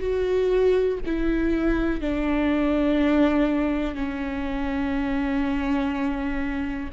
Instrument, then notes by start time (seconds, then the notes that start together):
viola
0.00 F#4
1.06 E4
2.00 D4
3.95 C#4